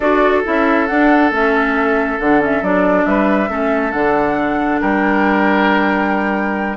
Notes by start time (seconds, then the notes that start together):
0.00 D4 F#4 A4 D5
0.44 C#4 E4 E5
0.86 D4 F#5
1.30 A3 C#4 E5
2.20 D3 D4 F#5
2.40 C#4 E5
2.62 F#3 D4 D5
3.05 G3 B4 E5
3.48 A3 C#4 A4
3.92 D3 D4 F#5
4.80 G3 A#4 G5